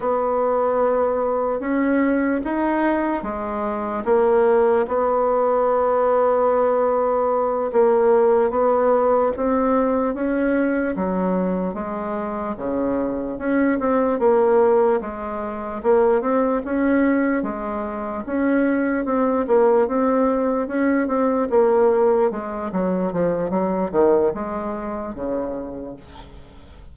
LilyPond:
\new Staff \with { instrumentName = "bassoon" } { \time 4/4 \tempo 4 = 74 b2 cis'4 dis'4 | gis4 ais4 b2~ | b4. ais4 b4 c'8~ | c'8 cis'4 fis4 gis4 cis8~ |
cis8 cis'8 c'8 ais4 gis4 ais8 | c'8 cis'4 gis4 cis'4 c'8 | ais8 c'4 cis'8 c'8 ais4 gis8 | fis8 f8 fis8 dis8 gis4 cis4 | }